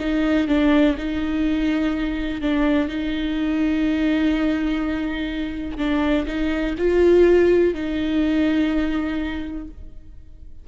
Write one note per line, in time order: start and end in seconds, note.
0.00 0.48 D#4
0.48 0.96 D4
0.98 2.41 D#4
2.41 2.89 D4
2.89 5.78 D#4
5.78 6.26 D4
6.27 6.76 D#4
6.78 7.74 F4
7.74 9.68 D#4